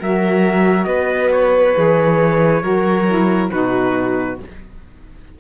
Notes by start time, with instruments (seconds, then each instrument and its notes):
0.00 cello F#3, saxophone F#4, violin A#4, trumpet E5
0.85 cello B3, violin B4, trumpet D#5
1.31 trumpet C#5
1.75 cello E3, saxophone G#4
2.61 cello F#3, saxophone F#4, violin A#4
3.07 saxophone E4
3.51 cello B2, saxophone D#4, violin F#4, trumpet B4